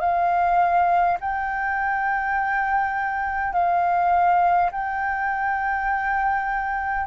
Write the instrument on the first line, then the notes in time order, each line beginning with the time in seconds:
flute
0.00 F5
1.20 G5
3.53 F5
4.72 G5